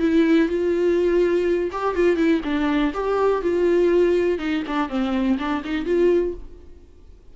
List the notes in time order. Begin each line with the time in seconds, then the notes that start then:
0.00 E4
0.49 F4
1.72 G4
1.95 F4
2.17 E4
2.45 D4
2.94 G4
3.42 F4
4.39 D#4
4.67 D4
4.89 C4
5.39 D4
5.64 D#4
5.86 F4